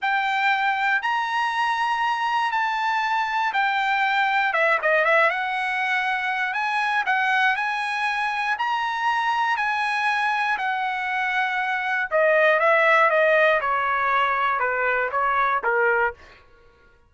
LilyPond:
\new Staff \with { instrumentName = "trumpet" } { \time 4/4 \tempo 4 = 119 g''2 ais''2~ | ais''4 a''2 g''4~ | g''4 e''8 dis''8 e''8 fis''4.~ | fis''4 gis''4 fis''4 gis''4~ |
gis''4 ais''2 gis''4~ | gis''4 fis''2. | dis''4 e''4 dis''4 cis''4~ | cis''4 b'4 cis''4 ais'4 | }